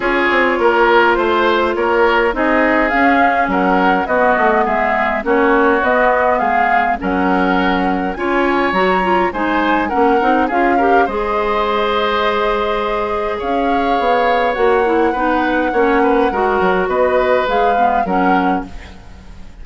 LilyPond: <<
  \new Staff \with { instrumentName = "flute" } { \time 4/4 \tempo 4 = 103 cis''2 c''4 cis''4 | dis''4 f''4 fis''4 dis''4 | e''4 cis''4 dis''4 f''4 | fis''2 gis''4 ais''4 |
gis''4 fis''4 f''4 dis''4~ | dis''2. f''4~ | f''4 fis''2.~ | fis''4 dis''4 f''4 fis''4 | }
  \new Staff \with { instrumentName = "oboe" } { \time 4/4 gis'4 ais'4 c''4 ais'4 | gis'2 ais'4 fis'4 | gis'4 fis'2 gis'4 | ais'2 cis''2 |
c''4 ais'4 gis'8 ais'8 c''4~ | c''2. cis''4~ | cis''2 b'4 cis''8 b'8 | ais'4 b'2 ais'4 | }
  \new Staff \with { instrumentName = "clarinet" } { \time 4/4 f'1 | dis'4 cis'2 b4~ | b4 cis'4 b2 | cis'2 f'4 fis'8 f'8 |
dis'4 cis'8 dis'8 f'8 g'8 gis'4~ | gis'1~ | gis'4 fis'8 e'8 dis'4 cis'4 | fis'2 gis'8 b8 cis'4 | }
  \new Staff \with { instrumentName = "bassoon" } { \time 4/4 cis'8 c'8 ais4 a4 ais4 | c'4 cis'4 fis4 b8 a8 | gis4 ais4 b4 gis4 | fis2 cis'4 fis4 |
gis4 ais8 c'8 cis'4 gis4~ | gis2. cis'4 | b4 ais4 b4 ais4 | gis8 fis8 b4 gis4 fis4 | }
>>